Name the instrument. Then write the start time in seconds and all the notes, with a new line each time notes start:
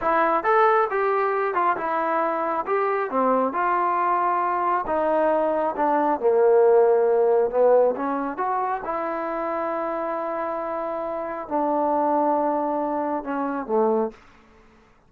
trombone
0.01 E4
0.43 A4
0.90 G4
1.54 F4
1.76 E4
2.66 G4
3.10 C4
3.53 F4
4.86 D#4
5.76 D4
6.19 A#3
7.50 B3
7.96 C#4
8.37 F#4
8.84 E4
11.48 D4
13.24 C#4
13.66 A3